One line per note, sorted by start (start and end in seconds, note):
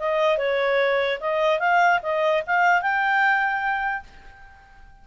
0.00 0.38 D#5
0.38 1.19 C#5
1.21 1.60 D#5
1.60 2.00 F5
2.03 2.44 D#5
2.47 2.82 F5
2.82 4.04 G5